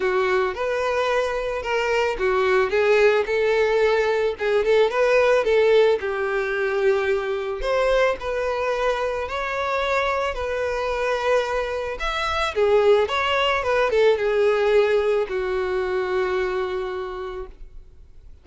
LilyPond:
\new Staff \with { instrumentName = "violin" } { \time 4/4 \tempo 4 = 110 fis'4 b'2 ais'4 | fis'4 gis'4 a'2 | gis'8 a'8 b'4 a'4 g'4~ | g'2 c''4 b'4~ |
b'4 cis''2 b'4~ | b'2 e''4 gis'4 | cis''4 b'8 a'8 gis'2 | fis'1 | }